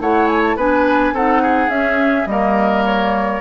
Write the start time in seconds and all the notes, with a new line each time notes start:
0.00 A3 E4 C#5 F#5
0.27 G#5
0.43 A5
0.56 B3 D4 B4 G#5
1.13 C4 D#4 A4 F#5
1.42 G#4
1.69 C#4 E5
2.26 G3 A#3 A#4 D#5
2.85 C#5